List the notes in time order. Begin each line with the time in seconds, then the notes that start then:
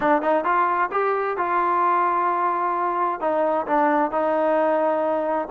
0.00 D4
0.21 D#4
0.44 F4
0.91 G4
1.37 F4
3.20 D#4
3.66 D4
4.11 D#4